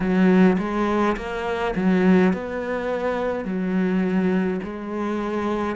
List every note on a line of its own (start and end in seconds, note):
0.00 0.57 F#3
0.58 1.16 G#3
1.16 1.74 A#3
1.75 2.33 F#3
2.33 3.44 B3
3.44 4.59 F#3
4.63 5.76 G#3